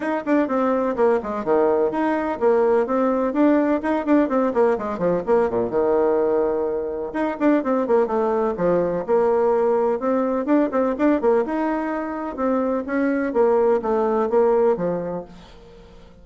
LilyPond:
\new Staff \with { instrumentName = "bassoon" } { \time 4/4 \tempo 4 = 126 dis'8 d'8 c'4 ais8 gis8 dis4 | dis'4 ais4 c'4 d'4 | dis'8 d'8 c'8 ais8 gis8 f8 ais8 ais,8 | dis2. dis'8 d'8 |
c'8 ais8 a4 f4 ais4~ | ais4 c'4 d'8 c'8 d'8 ais8 | dis'2 c'4 cis'4 | ais4 a4 ais4 f4 | }